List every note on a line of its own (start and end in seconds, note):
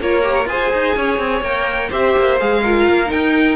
0.00 0.45 A#3
0.00 0.22 F4
0.00 0.48 A#4
0.00 0.48 C#5
0.22 0.46 G4
0.45 0.69 F4
0.45 1.44 G#4
0.45 0.96 C5
0.45 1.43 G#5
0.73 0.96 D#4
0.96 1.18 C#4
0.96 1.89 C#5
1.18 1.41 C4
1.41 1.89 A#3
1.41 1.90 A#4
1.41 1.90 G5
1.89 2.15 C4
1.89 2.37 G4
1.89 2.61 C5
1.89 2.39 E5
2.17 2.40 A#3
2.39 2.88 G#3
2.39 2.63 G#4
2.39 3.11 F5
2.62 3.06 F4
2.62 3.56 A#4
2.88 3.12 A#3
3.06 3.54 D#4
3.06 3.56 G5
3.12 3.56 D#4